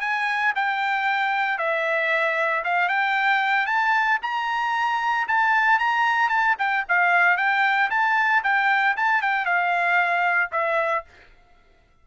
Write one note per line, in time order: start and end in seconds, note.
0.00 0.53 G#5
0.55 1.58 G5
1.58 2.63 E5
2.64 2.88 F5
2.88 3.66 G5
3.66 4.18 A5
4.22 5.27 A#5
5.28 5.79 A5
5.79 6.29 A#5
6.29 6.55 A5
6.58 6.84 G5
6.88 7.37 F5
7.37 7.89 G5
7.90 8.43 A5
8.43 8.96 G5
8.96 9.21 A5
9.21 9.45 G5
9.45 10.50 F5
10.52 11.04 E5